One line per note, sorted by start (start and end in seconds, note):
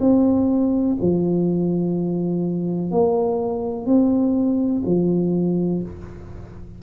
0.00 0.97 C4
1.01 2.91 F3
2.91 3.86 A#3
3.86 4.83 C4
4.86 5.82 F3